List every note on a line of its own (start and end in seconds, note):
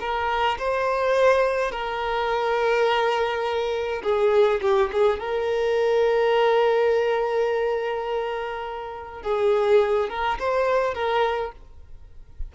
0.00 0.58 A#4
0.59 1.72 C5
1.72 4.02 A#4
4.03 4.60 G#4
4.61 4.90 G4
4.92 5.19 G#4
5.19 9.23 A#4
9.23 10.09 G#4
10.09 10.38 A#4
10.39 10.94 C5
10.94 11.52 A#4